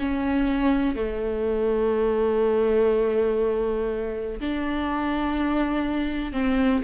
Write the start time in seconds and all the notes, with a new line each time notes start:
0.00 C#4
0.96 A3
4.41 D4
6.33 C4